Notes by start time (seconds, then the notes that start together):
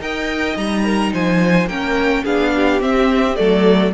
0.00 D#4 A#4 D#5 G5
0.56 G3 D#4 A#5
0.85 A#4
1.14 F3 C5 G#5
1.67 A#3 C#4 A#4 G5
2.24 B3 D4 G#4 F5
2.56 G4
2.81 C4 E5
3.36 F#3 A3 A4 D5